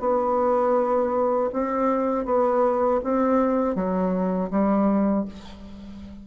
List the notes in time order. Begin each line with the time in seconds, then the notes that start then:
0.00 B3
1.53 C4
2.26 B3
3.04 C4
3.75 F#3
4.51 G3